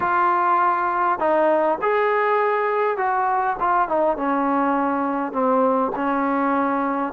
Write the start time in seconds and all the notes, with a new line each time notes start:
0.00 F4
1.19 D#4
1.81 G#4
2.97 F#4
3.59 F4
3.88 D#4
4.16 C#4
5.32 C4
5.95 C#4